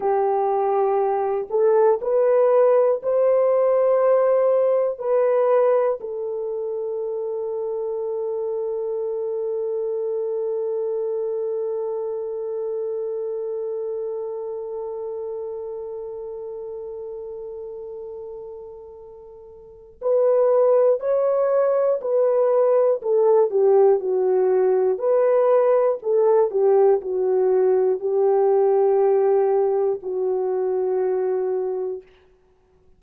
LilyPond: \new Staff \with { instrumentName = "horn" } { \time 4/4 \tempo 4 = 60 g'4. a'8 b'4 c''4~ | c''4 b'4 a'2~ | a'1~ | a'1~ |
a'1 | b'4 cis''4 b'4 a'8 g'8 | fis'4 b'4 a'8 g'8 fis'4 | g'2 fis'2 | }